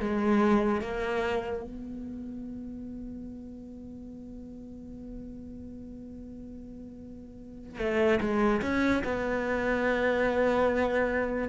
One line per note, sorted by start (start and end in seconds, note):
0.00 0.81 G#3
0.81 1.63 A#3
1.63 7.78 B3
7.78 8.19 A3
8.20 8.62 G#3
8.62 9.03 C#4
9.04 11.48 B3